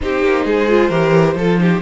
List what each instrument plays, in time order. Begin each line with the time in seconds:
0.01 cello C4, viola D#4, violin G4 C5
0.24 cello A#3
0.45 cello G#3, violin G#4
0.68 viola F4
0.89 cello E3, viola G4, violin A#4
1.34 cello F3, violin A4
1.41 viola F4
1.57 viola D#4, violin G4